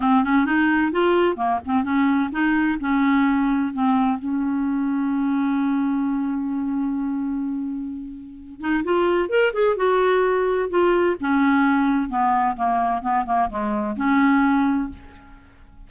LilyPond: \new Staff \with { instrumentName = "clarinet" } { \time 4/4 \tempo 4 = 129 c'8 cis'8 dis'4 f'4 ais8 c'8 | cis'4 dis'4 cis'2 | c'4 cis'2.~ | cis'1~ |
cis'2~ cis'8 dis'8 f'4 | ais'8 gis'8 fis'2 f'4 | cis'2 b4 ais4 | b8 ais8 gis4 cis'2 | }